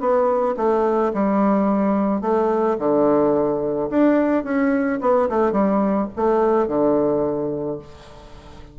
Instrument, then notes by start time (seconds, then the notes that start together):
bassoon
0.00 B3
0.57 A3
1.14 G3
2.21 A3
2.79 D3
3.90 D4
4.44 C#4
5.01 B3
5.30 A3
5.52 G3
6.16 A3
6.68 D3